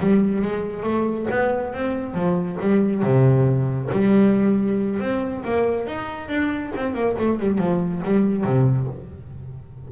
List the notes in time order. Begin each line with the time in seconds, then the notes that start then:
0.00 G3
0.42 G#3
0.83 A3
1.31 B3
1.74 C4
2.14 F3
2.61 G3
3.03 C3
3.92 G3
5.00 C4
5.45 A#3
5.87 D#4
6.29 D4
6.76 C4
6.94 A#3
7.19 A3
7.40 G3
7.58 F3
8.05 G3
8.44 C3